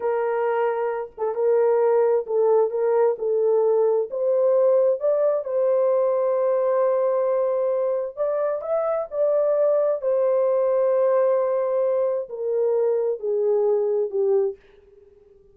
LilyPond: \new Staff \with { instrumentName = "horn" } { \time 4/4 \tempo 4 = 132 ais'2~ ais'8 a'8 ais'4~ | ais'4 a'4 ais'4 a'4~ | a'4 c''2 d''4 | c''1~ |
c''2 d''4 e''4 | d''2 c''2~ | c''2. ais'4~ | ais'4 gis'2 g'4 | }